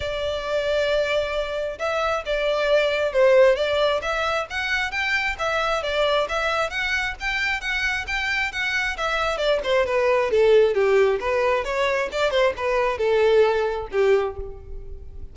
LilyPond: \new Staff \with { instrumentName = "violin" } { \time 4/4 \tempo 4 = 134 d''1 | e''4 d''2 c''4 | d''4 e''4 fis''4 g''4 | e''4 d''4 e''4 fis''4 |
g''4 fis''4 g''4 fis''4 | e''4 d''8 c''8 b'4 a'4 | g'4 b'4 cis''4 d''8 c''8 | b'4 a'2 g'4 | }